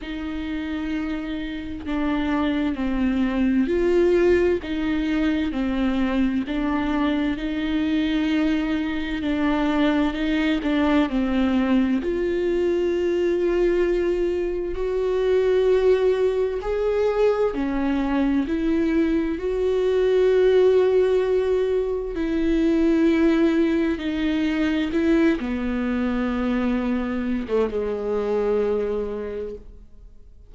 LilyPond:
\new Staff \with { instrumentName = "viola" } { \time 4/4 \tempo 4 = 65 dis'2 d'4 c'4 | f'4 dis'4 c'4 d'4 | dis'2 d'4 dis'8 d'8 | c'4 f'2. |
fis'2 gis'4 cis'4 | e'4 fis'2. | e'2 dis'4 e'8 b8~ | b4.~ b16 a16 gis2 | }